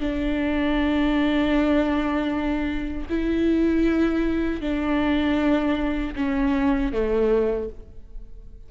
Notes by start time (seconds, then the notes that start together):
0.00 D4
3.09 E4
4.60 D4
6.16 C#4
6.92 A3